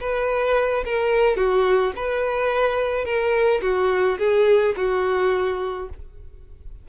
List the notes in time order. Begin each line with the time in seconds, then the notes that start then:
0.00 B4
0.85 A#4
1.37 F#4
1.96 B4
3.05 A#4
3.62 F#4
4.19 G#4
4.77 F#4